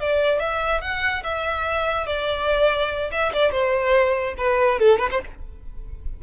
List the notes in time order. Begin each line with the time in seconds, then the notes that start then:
0.00 D5
0.40 E5
0.81 F#5
1.24 E5
2.07 D5
3.12 E5
3.33 D5
3.52 C5
4.38 B4
4.80 A4
4.99 B4
5.12 C5